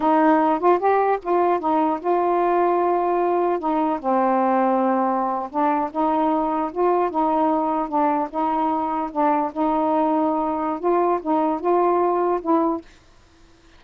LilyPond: \new Staff \with { instrumentName = "saxophone" } { \time 4/4 \tempo 4 = 150 dis'4. f'8 g'4 f'4 | dis'4 f'2.~ | f'4 dis'4 c'2~ | c'4.~ c'16 d'4 dis'4~ dis'16~ |
dis'8. f'4 dis'2 d'16~ | d'8. dis'2 d'4 dis'16~ | dis'2. f'4 | dis'4 f'2 e'4 | }